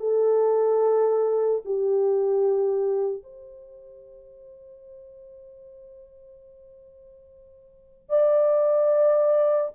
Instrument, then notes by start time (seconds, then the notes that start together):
horn
0.00 A4
1.65 G4
3.23 C5
8.09 D5